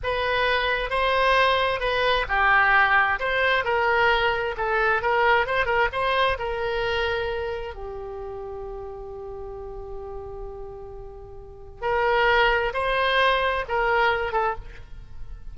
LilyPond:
\new Staff \with { instrumentName = "oboe" } { \time 4/4 \tempo 4 = 132 b'2 c''2 | b'4 g'2 c''4 | ais'2 a'4 ais'4 | c''8 ais'8 c''4 ais'2~ |
ais'4 g'2.~ | g'1~ | g'2 ais'2 | c''2 ais'4. a'8 | }